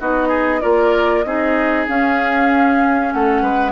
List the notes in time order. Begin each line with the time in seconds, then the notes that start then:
0.00 B3 D#4 F#4 D#5
0.29 G#4
0.61 A#3 F4 A#4 D5
1.23 C4 D#4 G#4 D#5
1.88 C#4 F5
3.14 A3 A4 F#5
3.42 G#3 B4